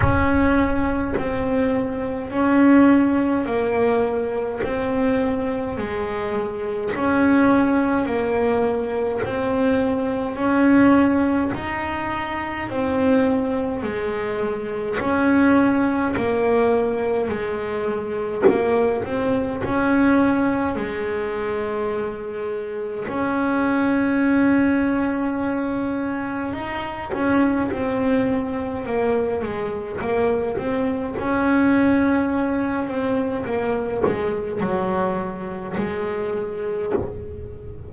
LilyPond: \new Staff \with { instrumentName = "double bass" } { \time 4/4 \tempo 4 = 52 cis'4 c'4 cis'4 ais4 | c'4 gis4 cis'4 ais4 | c'4 cis'4 dis'4 c'4 | gis4 cis'4 ais4 gis4 |
ais8 c'8 cis'4 gis2 | cis'2. dis'8 cis'8 | c'4 ais8 gis8 ais8 c'8 cis'4~ | cis'8 c'8 ais8 gis8 fis4 gis4 | }